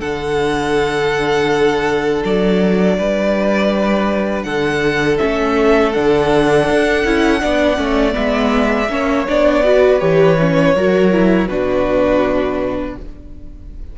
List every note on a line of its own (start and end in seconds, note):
0.00 2.23 D3
0.00 5.19 D4
0.00 2.97 A4
0.00 2.23 F#5
2.25 2.99 F#3
2.25 4.43 D5
2.98 4.45 G3
2.98 4.46 B4
4.43 5.19 D3
4.43 7.42 A4
4.43 5.17 F#5
5.19 5.97 A3
5.19 5.93 C#4
5.19 5.93 E5
5.93 6.70 D3
5.93 7.06 D4
5.93 8.15 F#5
6.70 7.05 D4
7.05 7.42 C#4
7.05 7.41 E4
7.41 7.78 B3
7.41 7.77 D4
7.41 8.92 D5
7.77 8.15 A3
7.77 8.13 C#4
8.13 8.90 G#3
8.13 8.87 B3
8.13 9.27 E5
8.90 9.27 A#3
8.90 9.27 C#4
8.90 9.66 C#5
9.28 10.02 B3
9.28 9.65 D4
9.28 10.01 D5
9.65 10.00 F#4
9.65 10.76 B4
10.00 10.75 E3
10.00 10.37 G4
10.00 11.48 C#5
10.39 10.76 C#4
10.75 11.49 F#3
10.75 11.12 F#4
10.75 11.49 A#4
11.12 11.49 E4
11.48 12.97 B2
11.48 12.99 D4
11.48 12.97 F#4
11.48 12.97 B4